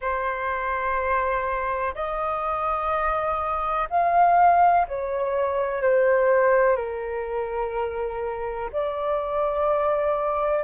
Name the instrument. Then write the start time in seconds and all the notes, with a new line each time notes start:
flute
0.00 C5
1.94 D#5
3.89 F5
4.87 C#5
5.82 C5
6.76 A#4
8.72 D5